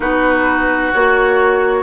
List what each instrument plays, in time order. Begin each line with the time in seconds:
0.00 bassoon B3, clarinet D#4, oboe F#4, flute B4
0.92 bassoon A#3, clarinet F#4, flute C#5